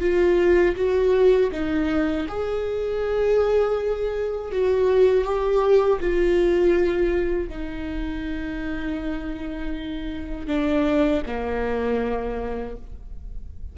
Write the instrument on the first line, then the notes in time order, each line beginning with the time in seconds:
viola
0.00 F4
0.75 F#4
1.52 D#4
2.28 G#4
4.51 F#4
5.24 G4
6.00 F4
7.48 D#4
10.47 D4
11.26 A#3